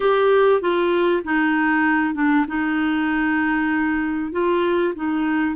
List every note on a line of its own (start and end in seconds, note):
0.00 0.61 G4
0.61 1.23 F4
1.24 2.14 D#4
2.14 2.45 D4
2.47 4.32 D#4
4.32 4.93 F4
4.95 5.55 D#4